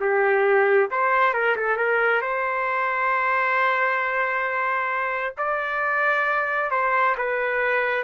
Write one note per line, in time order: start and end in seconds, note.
0.00 0.90 G4
0.91 1.33 C5
1.33 1.55 A#4
1.56 1.76 A4
1.76 2.21 A#4
2.21 5.34 C5
5.37 6.70 D5
6.70 7.15 C5
7.17 8.03 B4